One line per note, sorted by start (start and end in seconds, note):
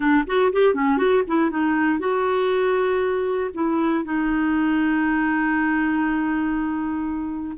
0.00 0.24 D4
0.27 0.52 F#4
0.52 0.74 G4
0.74 0.97 C#4
0.97 1.22 F#4
1.27 1.50 E4
1.50 1.99 D#4
1.99 3.50 F#4
3.54 4.04 E4
4.04 7.57 D#4